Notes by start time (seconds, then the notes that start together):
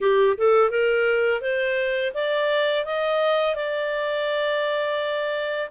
0.00 G4
0.37 A4
0.70 A#4
1.41 C5
2.14 D5
2.85 D#5
3.55 D5